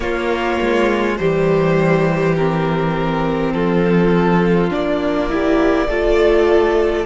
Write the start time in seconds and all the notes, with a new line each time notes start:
0.00 A#3 F4 C#5
0.61 G#3
1.17 E3 G3 G4 C5
2.36 C4 A#4
3.52 F3 F4 A4
4.70 A#3 D4 D5
5.29 E4 G4
5.87 A3 F4 A4